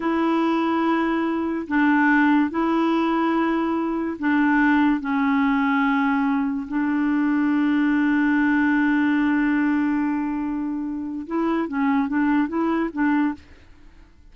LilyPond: \new Staff \with { instrumentName = "clarinet" } { \time 4/4 \tempo 4 = 144 e'1 | d'2 e'2~ | e'2 d'2 | cis'1 |
d'1~ | d'1~ | d'2. e'4 | cis'4 d'4 e'4 d'4 | }